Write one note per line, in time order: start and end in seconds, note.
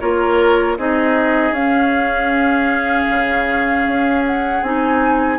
0.00 0.78 A#3
0.00 0.78 F4
0.00 0.78 A#4
0.00 0.77 C#5
0.78 1.51 C4
0.78 1.55 D#4
0.78 5.39 G#4
0.78 1.54 D#5
1.51 3.05 C#4
1.51 4.63 C#4
1.51 4.24 F5
3.10 3.87 C#3
3.87 4.62 C#4
4.26 4.63 F#5
4.62 5.39 C4
4.62 5.39 D#4
4.62 5.39 G#5